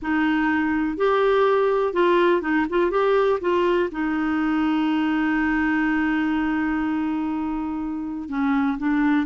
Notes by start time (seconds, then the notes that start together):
0.01 D#4
0.97 G4
1.93 F4
2.41 D#4
2.69 F4
2.90 G4
3.40 F4
3.91 D#4
8.28 C#4
8.78 D4